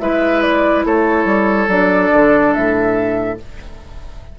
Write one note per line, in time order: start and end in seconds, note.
0.00 0.85 G#3
0.00 1.69 E4
0.00 0.86 B4
0.00 0.42 E5
0.42 0.85 D5
0.86 1.25 A3
0.86 3.39 A4
0.86 1.70 C#5
1.25 1.68 G3
1.68 2.10 F#3
1.68 3.38 D4
1.68 2.54 D5
2.13 2.55 D3
2.54 3.39 A2
2.54 3.38 E5